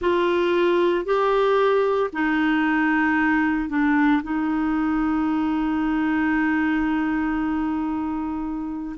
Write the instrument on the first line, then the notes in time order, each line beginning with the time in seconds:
clarinet
0.01 F4
1.05 G4
2.12 D#4
3.69 D4
4.22 D#4